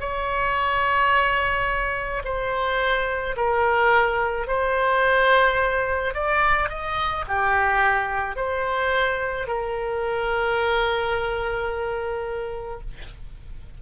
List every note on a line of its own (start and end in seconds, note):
0.00 2.22 C#5
2.24 3.35 C5
3.36 4.47 A#4
4.47 6.14 C5
6.14 6.69 D5
6.69 7.24 D#5
7.27 8.36 G4
8.36 9.47 C5
9.47 12.80 A#4